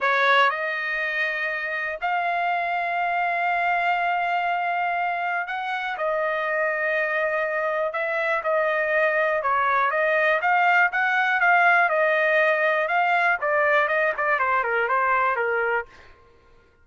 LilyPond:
\new Staff \with { instrumentName = "trumpet" } { \time 4/4 \tempo 4 = 121 cis''4 dis''2. | f''1~ | f''2. fis''4 | dis''1 |
e''4 dis''2 cis''4 | dis''4 f''4 fis''4 f''4 | dis''2 f''4 d''4 | dis''8 d''8 c''8 ais'8 c''4 ais'4 | }